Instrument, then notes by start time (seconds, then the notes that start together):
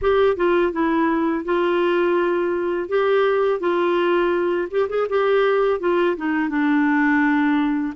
clarinet
0.01 G4
0.36 F4
0.72 E4
1.45 F4
2.88 G4
3.59 F4
4.70 G4
4.89 G#4
5.09 G4
5.80 F4
6.16 D#4
6.49 D4